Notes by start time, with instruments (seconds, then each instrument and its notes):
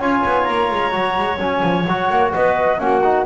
0.00 double bass C#4, trombone F4, clarinet C#5, flute G#5
0.26 double bass B3
0.44 double bass A#3, flute A#5
0.72 double bass G#3
0.92 double bass F#3, trombone F#4
1.17 double bass G#3
1.38 double bass F#3, trombone C#4, flute G#5
1.63 double bass F3
1.86 double bass F#3, trombone F#4, flute F#5
2.10 double bass A#3
2.34 double bass B3, clarinet B4, flute D#5
2.79 double bass A#3, trombone C#4, clarinet F#4, flute F#5
3.04 trombone D#4